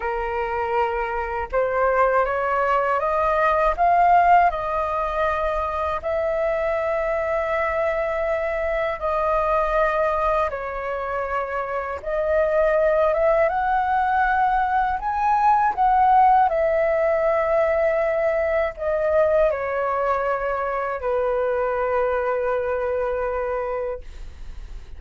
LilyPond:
\new Staff \with { instrumentName = "flute" } { \time 4/4 \tempo 4 = 80 ais'2 c''4 cis''4 | dis''4 f''4 dis''2 | e''1 | dis''2 cis''2 |
dis''4. e''8 fis''2 | gis''4 fis''4 e''2~ | e''4 dis''4 cis''2 | b'1 | }